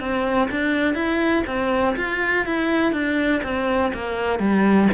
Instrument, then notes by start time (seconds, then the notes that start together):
cello
0.00 C4
0.51 D4
0.94 E4
1.47 C4
1.96 F4
2.45 E4
2.92 D4
3.43 C4
3.93 A#3
4.39 G3